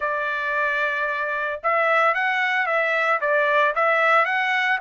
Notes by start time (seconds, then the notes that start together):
0.00 D5
1.63 E5
2.14 F#5
2.66 E5
3.20 D5
3.75 E5
4.25 F#5